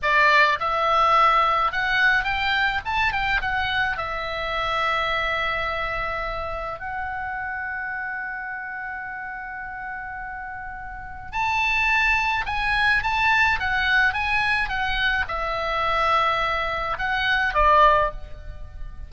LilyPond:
\new Staff \with { instrumentName = "oboe" } { \time 4/4 \tempo 4 = 106 d''4 e''2 fis''4 | g''4 a''8 g''8 fis''4 e''4~ | e''1 | fis''1~ |
fis''1 | a''2 gis''4 a''4 | fis''4 gis''4 fis''4 e''4~ | e''2 fis''4 d''4 | }